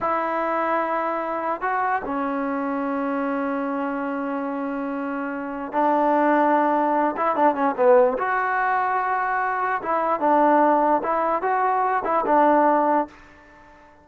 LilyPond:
\new Staff \with { instrumentName = "trombone" } { \time 4/4 \tempo 4 = 147 e'1 | fis'4 cis'2.~ | cis'1~ | cis'2 d'2~ |
d'4. e'8 d'8 cis'8 b4 | fis'1 | e'4 d'2 e'4 | fis'4. e'8 d'2 | }